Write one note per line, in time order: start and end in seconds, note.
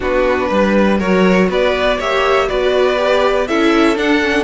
0.00 0.50 B3
0.00 0.98 D4
0.00 0.48 F#4
0.00 0.99 B4
0.48 1.00 G3
0.48 0.98 B4
0.98 1.48 F#3
0.98 2.00 F#4
0.98 1.47 A#4
0.98 1.49 C#5
1.48 1.98 B3
1.48 1.97 B4
1.48 2.00 D5
1.97 2.49 A#3
1.97 2.48 G4
1.97 2.47 C#5
1.97 2.49 E5
2.48 3.49 B3
2.48 2.96 F#4
2.48 3.47 B4
2.48 3.47 D5
2.96 3.45 G4
3.47 3.97 C#4
3.47 3.95 E4
3.47 4.43 A4
3.47 3.97 E5
3.95 4.20 D4
3.95 4.43 D4
3.95 4.43 F#5
4.22 4.43 C#4